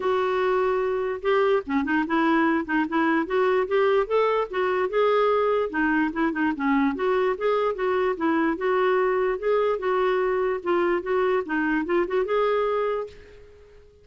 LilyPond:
\new Staff \with { instrumentName = "clarinet" } { \time 4/4 \tempo 4 = 147 fis'2. g'4 | cis'8 dis'8 e'4. dis'8 e'4 | fis'4 g'4 a'4 fis'4 | gis'2 dis'4 e'8 dis'8 |
cis'4 fis'4 gis'4 fis'4 | e'4 fis'2 gis'4 | fis'2 f'4 fis'4 | dis'4 f'8 fis'8 gis'2 | }